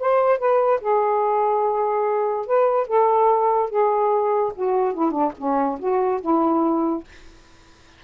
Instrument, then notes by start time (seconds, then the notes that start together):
saxophone
0.00 C5
0.39 B4
0.81 G#4
2.47 B4
2.88 A4
3.70 G#4
4.55 F#4
4.94 E4
5.12 D4
5.38 C#4
5.80 F#4
6.22 E4